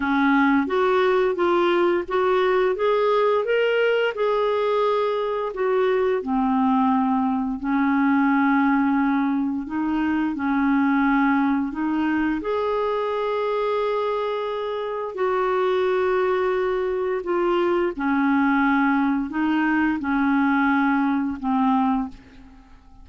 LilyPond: \new Staff \with { instrumentName = "clarinet" } { \time 4/4 \tempo 4 = 87 cis'4 fis'4 f'4 fis'4 | gis'4 ais'4 gis'2 | fis'4 c'2 cis'4~ | cis'2 dis'4 cis'4~ |
cis'4 dis'4 gis'2~ | gis'2 fis'2~ | fis'4 f'4 cis'2 | dis'4 cis'2 c'4 | }